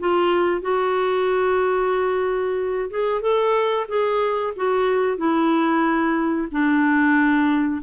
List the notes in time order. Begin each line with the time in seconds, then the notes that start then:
0.00 F4
0.62 F#4
2.90 G#4
3.21 A4
3.89 G#4
4.57 F#4
5.18 E4
6.52 D4